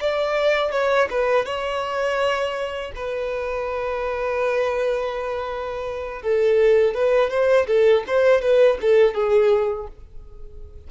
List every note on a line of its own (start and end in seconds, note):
0.00 0.72 D5
0.72 1.08 C#5
1.10 1.46 B4
1.46 2.92 C#5
2.96 6.22 B4
6.22 6.94 A4
6.94 7.30 B4
7.30 7.67 C5
7.67 8.04 A4
8.07 8.41 C5
8.41 8.78 B4
8.81 9.14 A4
9.14 9.87 G#4